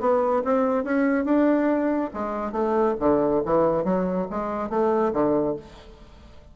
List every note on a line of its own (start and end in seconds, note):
0.00 0.43 B3
0.44 0.84 C4
0.84 1.25 C#4
1.25 2.11 D4
2.14 2.52 G#3
2.52 2.95 A3
3.00 3.43 D3
3.46 3.85 E3
3.85 4.27 F#3
4.31 4.70 G#3
4.70 5.13 A3
5.14 5.56 D3